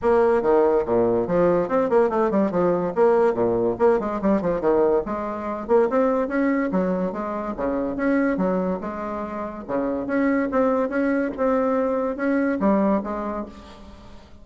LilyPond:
\new Staff \with { instrumentName = "bassoon" } { \time 4/4 \tempo 4 = 143 ais4 dis4 ais,4 f4 | c'8 ais8 a8 g8 f4 ais4 | ais,4 ais8 gis8 g8 f8 dis4 | gis4. ais8 c'4 cis'4 |
fis4 gis4 cis4 cis'4 | fis4 gis2 cis4 | cis'4 c'4 cis'4 c'4~ | c'4 cis'4 g4 gis4 | }